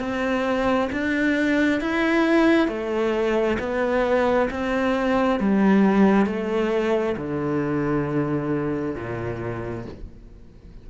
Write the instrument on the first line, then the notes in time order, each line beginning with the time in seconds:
cello
0.00 C4
0.92 D4
1.81 E4
2.68 A3
3.59 B3
4.51 C4
5.40 G3
6.26 A3
7.18 D3
8.96 A#2